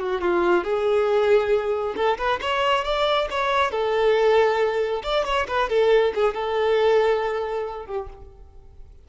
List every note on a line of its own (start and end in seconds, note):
0.00 0.22 F#4
0.22 0.64 F4
0.64 1.96 G#4
1.96 2.18 A4
2.18 2.40 B4
2.41 2.85 C#5
2.85 3.28 D5
3.31 3.71 C#5
3.71 5.03 A4
5.04 5.25 D5
5.25 5.47 C#5
5.48 5.70 B4
5.70 6.14 A4
6.15 6.34 G#4
6.34 7.86 A4
7.86 8.08 G4